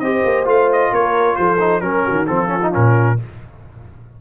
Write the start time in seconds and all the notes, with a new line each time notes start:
0.00 C4 G4 C5 D#5
0.25 A#3
0.45 A3 F4 F5
0.73 D#5
0.92 A#3 A#4 C#5
1.36 F3 A4 C5
1.60 D#4
1.81 F#3 C#4 A#4
2.06 D#3 F#4
2.27 F3 C4 F4 A4
2.48 C#4
2.63 D#4
2.72 A#2 C#4 A#4